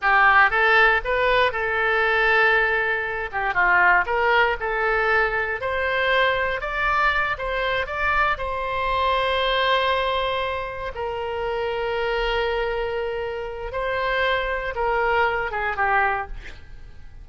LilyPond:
\new Staff \with { instrumentName = "oboe" } { \time 4/4 \tempo 4 = 118 g'4 a'4 b'4 a'4~ | a'2~ a'8 g'8 f'4 | ais'4 a'2 c''4~ | c''4 d''4. c''4 d''8~ |
d''8 c''2.~ c''8~ | c''4. ais'2~ ais'8~ | ais'2. c''4~ | c''4 ais'4. gis'8 g'4 | }